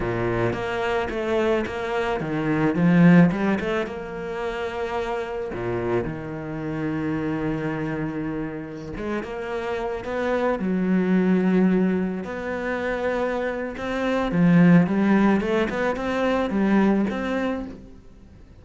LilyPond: \new Staff \with { instrumentName = "cello" } { \time 4/4 \tempo 4 = 109 ais,4 ais4 a4 ais4 | dis4 f4 g8 a8 ais4~ | ais2 ais,4 dis4~ | dis1~ |
dis16 gis8 ais4. b4 fis8.~ | fis2~ fis16 b4.~ b16~ | b4 c'4 f4 g4 | a8 b8 c'4 g4 c'4 | }